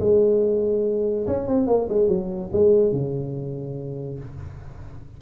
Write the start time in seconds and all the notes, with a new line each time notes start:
0.00 G#3
1.27 C#4
1.48 C4
1.67 A#3
1.89 G#3
2.08 F#3
2.53 G#3
2.93 C#3